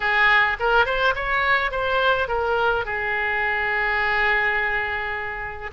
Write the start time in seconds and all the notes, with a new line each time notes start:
0.00 G#4
0.59 A#4
0.85 C5
1.15 C#5
1.71 C5
2.28 A#4
2.85 G#4